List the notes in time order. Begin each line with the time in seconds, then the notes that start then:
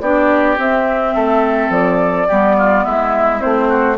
0.00 B3 D4 G4 D5
0.56 C4 E5
1.14 A3 A4
1.69 F3 D5
2.27 G3 B3 G4
2.57 F4
2.83 G#3 E4 E5
3.39 A3 C4 C5
3.68 F#4